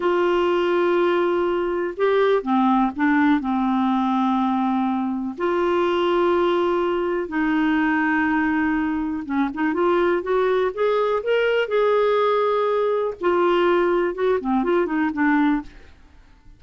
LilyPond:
\new Staff \with { instrumentName = "clarinet" } { \time 4/4 \tempo 4 = 123 f'1 | g'4 c'4 d'4 c'4~ | c'2. f'4~ | f'2. dis'4~ |
dis'2. cis'8 dis'8 | f'4 fis'4 gis'4 ais'4 | gis'2. f'4~ | f'4 fis'8 c'8 f'8 dis'8 d'4 | }